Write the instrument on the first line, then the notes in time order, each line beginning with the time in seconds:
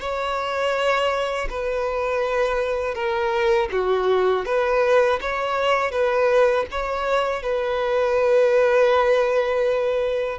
violin
0.00 C#5
1.49 B4
2.94 A#4
3.72 F#4
4.45 B4
5.21 C#5
5.91 B4
6.71 C#5
7.42 B4